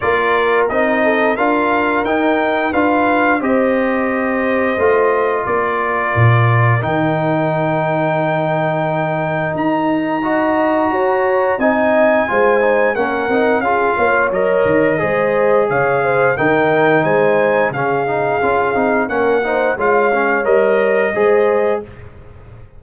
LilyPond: <<
  \new Staff \with { instrumentName = "trumpet" } { \time 4/4 \tempo 4 = 88 d''4 dis''4 f''4 g''4 | f''4 dis''2. | d''2 g''2~ | g''2 ais''2~ |
ais''4 gis''2 fis''4 | f''4 dis''2 f''4 | g''4 gis''4 f''2 | fis''4 f''4 dis''2 | }
  \new Staff \with { instrumentName = "horn" } { \time 4/4 ais'4. a'8 ais'2 | b'4 c''2. | ais'1~ | ais'2. dis''4 |
cis''4 dis''4 c''4 ais'4 | gis'8 cis''4. c''4 cis''8 c''8 | ais'4 c''4 gis'2 | ais'8 c''8 cis''2 c''4 | }
  \new Staff \with { instrumentName = "trombone" } { \time 4/4 f'4 dis'4 f'4 dis'4 | f'4 g'2 f'4~ | f'2 dis'2~ | dis'2. fis'4~ |
fis'4 dis'4 f'8 dis'8 cis'8 dis'8 | f'4 ais'4 gis'2 | dis'2 cis'8 dis'8 f'8 dis'8 | cis'8 dis'8 f'8 cis'8 ais'4 gis'4 | }
  \new Staff \with { instrumentName = "tuba" } { \time 4/4 ais4 c'4 d'4 dis'4 | d'4 c'2 a4 | ais4 ais,4 dis2~ | dis2 dis'2 |
fis'4 c'4 gis4 ais8 c'8 | cis'8 ais8 fis8 dis8 gis4 cis4 | dis4 gis4 cis4 cis'8 c'8 | ais4 gis4 g4 gis4 | }
>>